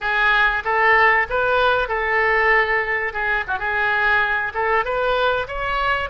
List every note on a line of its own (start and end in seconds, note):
0.01 0.63 G#4
0.64 1.27 A4
1.29 1.88 B4
1.88 3.13 A4
3.13 3.44 G#4
3.47 3.59 F#4
3.59 4.52 G#4
4.53 4.84 A4
4.84 5.47 B4
5.47 6.09 C#5